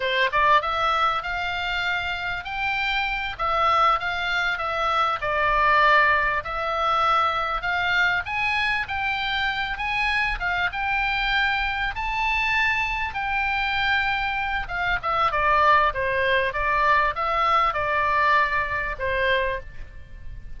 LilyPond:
\new Staff \with { instrumentName = "oboe" } { \time 4/4 \tempo 4 = 98 c''8 d''8 e''4 f''2 | g''4. e''4 f''4 e''8~ | e''8 d''2 e''4.~ | e''8 f''4 gis''4 g''4. |
gis''4 f''8 g''2 a''8~ | a''4. g''2~ g''8 | f''8 e''8 d''4 c''4 d''4 | e''4 d''2 c''4 | }